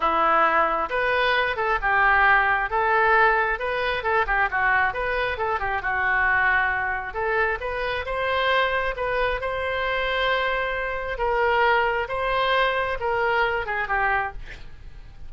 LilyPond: \new Staff \with { instrumentName = "oboe" } { \time 4/4 \tempo 4 = 134 e'2 b'4. a'8 | g'2 a'2 | b'4 a'8 g'8 fis'4 b'4 | a'8 g'8 fis'2. |
a'4 b'4 c''2 | b'4 c''2.~ | c''4 ais'2 c''4~ | c''4 ais'4. gis'8 g'4 | }